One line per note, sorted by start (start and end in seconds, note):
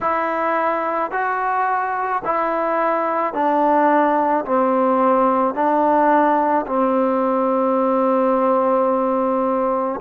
0.00 1.11 E4
1.11 2.22 F#4
2.25 3.33 E4
3.33 4.44 D4
4.44 5.54 C4
5.54 6.65 D4
6.66 9.99 C4